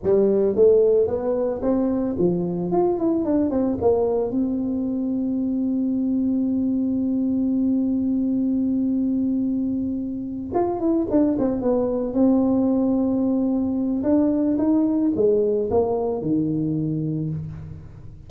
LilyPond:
\new Staff \with { instrumentName = "tuba" } { \time 4/4 \tempo 4 = 111 g4 a4 b4 c'4 | f4 f'8 e'8 d'8 c'8 ais4 | c'1~ | c'1~ |
c'2.~ c'8 f'8 | e'8 d'8 c'8 b4 c'4.~ | c'2 d'4 dis'4 | gis4 ais4 dis2 | }